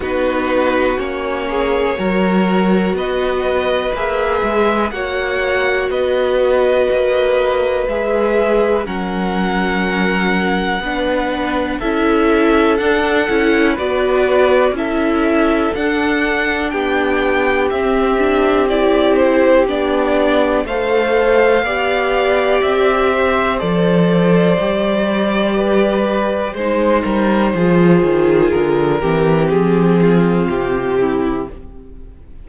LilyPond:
<<
  \new Staff \with { instrumentName = "violin" } { \time 4/4 \tempo 4 = 61 b'4 cis''2 dis''4 | e''4 fis''4 dis''2 | e''4 fis''2. | e''4 fis''4 d''4 e''4 |
fis''4 g''4 e''4 d''8 c''8 | d''4 f''2 e''4 | d''2. c''4~ | c''4 ais'4 gis'4 g'4 | }
  \new Staff \with { instrumentName = "violin" } { \time 4/4 fis'4. gis'8 ais'4 b'4~ | b'4 cis''4 b'2~ | b'4 ais'2 b'4 | a'2 b'4 a'4~ |
a'4 g'2.~ | g'4 c''4 d''4. c''8~ | c''2 b'4 c''8 ais'8 | gis'4. g'4 f'4 e'8 | }
  \new Staff \with { instrumentName = "viola" } { \time 4/4 dis'4 cis'4 fis'2 | gis'4 fis'2. | gis'4 cis'2 d'4 | e'4 d'8 e'8 fis'4 e'4 |
d'2 c'8 d'8 e'4 | d'4 a'4 g'2 | a'4 g'2 dis'4 | f'4. c'2~ c'8 | }
  \new Staff \with { instrumentName = "cello" } { \time 4/4 b4 ais4 fis4 b4 | ais8 gis8 ais4 b4 ais4 | gis4 fis2 b4 | cis'4 d'8 cis'8 b4 cis'4 |
d'4 b4 c'2 | b4 a4 b4 c'4 | f4 g2 gis8 g8 | f8 dis8 d8 e8 f4 c4 | }
>>